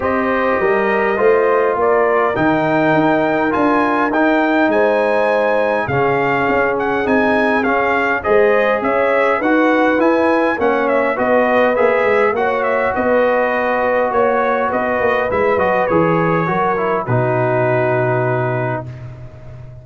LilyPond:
<<
  \new Staff \with { instrumentName = "trumpet" } { \time 4/4 \tempo 4 = 102 dis''2. d''4 | g''2 gis''4 g''4 | gis''2 f''4. fis''8 | gis''4 f''4 dis''4 e''4 |
fis''4 gis''4 fis''8 e''8 dis''4 | e''4 fis''8 e''8 dis''2 | cis''4 dis''4 e''8 dis''8 cis''4~ | cis''4 b'2. | }
  \new Staff \with { instrumentName = "horn" } { \time 4/4 c''4 ais'4 c''4 ais'4~ | ais'1 | c''2 gis'2~ | gis'2 c''4 cis''4 |
b'2 cis''4 b'4~ | b'4 cis''4 b'2 | cis''4 b'2. | ais'4 fis'2. | }
  \new Staff \with { instrumentName = "trombone" } { \time 4/4 g'2 f'2 | dis'2 f'4 dis'4~ | dis'2 cis'2 | dis'4 cis'4 gis'2 |
fis'4 e'4 cis'4 fis'4 | gis'4 fis'2.~ | fis'2 e'8 fis'8 gis'4 | fis'8 e'8 dis'2. | }
  \new Staff \with { instrumentName = "tuba" } { \time 4/4 c'4 g4 a4 ais4 | dis4 dis'4 d'4 dis'4 | gis2 cis4 cis'4 | c'4 cis'4 gis4 cis'4 |
dis'4 e'4 ais4 b4 | ais8 gis8 ais4 b2 | ais4 b8 ais8 gis8 fis8 e4 | fis4 b,2. | }
>>